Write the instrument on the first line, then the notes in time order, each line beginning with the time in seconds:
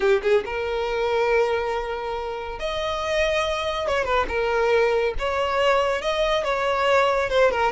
violin
0.00 G4
0.22 G#4
0.45 A#4
2.59 D#5
3.87 C#5
4.04 B4
4.28 A#4
5.19 C#5
6.01 D#5
6.44 C#5
7.29 C5
7.51 A#4